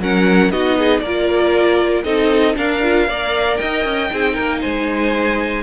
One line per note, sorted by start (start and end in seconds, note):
0.00 0.50 F#3
0.00 0.52 C#4
0.00 0.52 A#4
0.00 0.51 F#5
0.50 1.01 B3
0.50 1.03 D#4
0.50 0.78 F#4
0.50 1.00 D#5
0.78 1.03 G#4
1.00 2.04 A#3
1.00 2.05 A#4
1.00 2.03 D5
1.06 2.04 F4
2.04 2.56 C4
2.04 2.55 D#4
2.04 2.56 A4
2.04 2.55 D#5
2.55 2.81 D4
2.55 3.08 D4
2.55 3.08 A#4
2.55 3.57 F5
2.83 3.09 F4
3.08 3.59 A#3
3.08 4.11 A#4
3.08 3.60 D5
3.57 3.85 D#4
3.57 4.11 D#5
3.57 4.59 G5
3.85 4.10 C#4
4.11 4.38 C4
4.11 5.63 D#4
4.11 4.33 G#4
4.33 4.64 A#3
4.33 4.59 A#4
4.61 5.63 G#3
4.61 5.63 C5
4.61 5.63 G#5